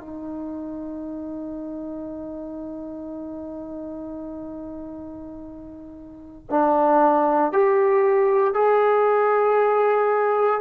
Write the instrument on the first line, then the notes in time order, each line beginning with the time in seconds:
trombone
0.00 D#4
6.50 D4
7.52 G4
8.54 G#4